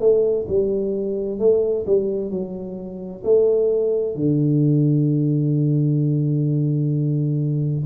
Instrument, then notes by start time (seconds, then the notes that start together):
tuba
0.00 A3
0.49 G3
1.39 A3
1.86 G3
2.30 F#3
3.24 A3
4.16 D3